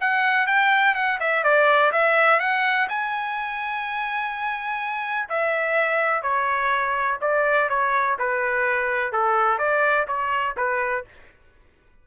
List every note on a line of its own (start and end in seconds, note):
0.00 0.46 F#5
0.46 0.94 G5
0.94 1.18 F#5
1.20 1.43 E5
1.43 1.91 D5
1.92 2.39 E5
2.39 2.87 F#5
2.88 5.28 G#5
5.29 6.22 E5
6.22 7.18 C#5
7.21 7.69 D5
7.69 8.17 C#5
8.18 9.12 B4
9.12 9.58 A4
9.58 10.06 D5
10.07 10.55 C#5
10.56 11.04 B4